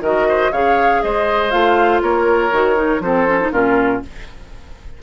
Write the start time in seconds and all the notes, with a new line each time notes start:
0.00 D#3 F#4 A#4 D#5
0.28 C5
0.51 C#3 G#4 C#5 F5
1.02 G#3 C5 D#5
1.50 A3 F4 F5
2.02 A#3 A#4 C#5
2.52 D#3 F#4
2.75 D#4
2.99 F3 C4 A4 C5
3.27 C#4
3.40 D#4
3.52 A#2 C#4 F4 A#4